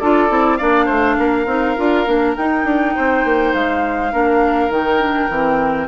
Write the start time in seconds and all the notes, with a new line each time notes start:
0.00 D4 F4 A4 D5
0.29 C4 E4
0.57 A#3 D4 D5 F5
0.86 A3 C5
1.18 A#3 A#4
1.46 C4 D#4
1.77 D4 F4
2.06 A#3 D4
2.37 D#4 G5
2.65 D4
2.96 C4 C5
3.25 A#3
3.54 G#3 F5
4.12 A#3 D4 A#4
4.69 D#3 D#4 G5
5.00 D4
5.29 E3 C4